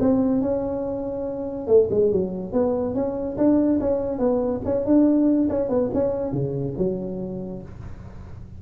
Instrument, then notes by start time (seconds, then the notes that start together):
tuba
0.00 C4
0.41 C#4
1.67 A3
1.91 G#3
2.12 F#3
2.52 B3
2.95 C#4
3.37 D4
3.80 C#4
4.19 B3
4.65 C#4
4.85 D4
5.49 C#4
5.69 B3
5.94 C#4
6.32 C#3
6.78 F#3